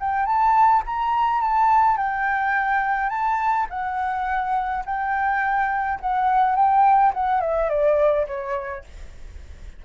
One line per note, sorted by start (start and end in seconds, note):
0.00 0.26 G5
0.26 0.83 A5
0.86 1.41 A#5
1.41 1.97 A5
1.97 3.10 G5
3.10 3.67 A5
3.70 4.84 F#5
4.85 6.00 G5
6.00 6.56 F#5
6.56 7.13 G5
7.14 7.41 F#5
7.41 7.70 E5
7.70 8.27 D5
8.27 8.84 C#5